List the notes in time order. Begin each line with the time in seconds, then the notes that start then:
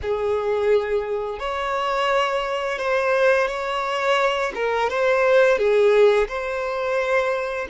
0.02 G#4
1.39 C#5
2.78 C5
3.47 C#5
4.54 A#4
4.89 C5
5.58 G#4
6.28 C5